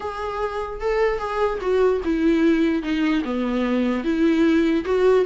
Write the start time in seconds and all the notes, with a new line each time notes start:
0.00 G#4
0.81 A4
1.18 G#4
1.61 F#4
2.04 E4
2.82 D#4
3.24 B3
4.04 E4
4.84 F#4